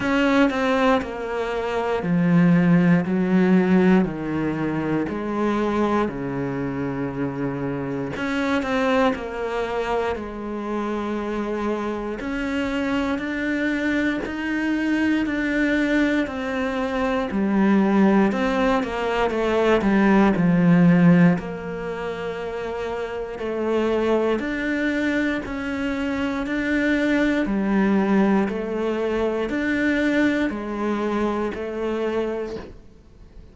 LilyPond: \new Staff \with { instrumentName = "cello" } { \time 4/4 \tempo 4 = 59 cis'8 c'8 ais4 f4 fis4 | dis4 gis4 cis2 | cis'8 c'8 ais4 gis2 | cis'4 d'4 dis'4 d'4 |
c'4 g4 c'8 ais8 a8 g8 | f4 ais2 a4 | d'4 cis'4 d'4 g4 | a4 d'4 gis4 a4 | }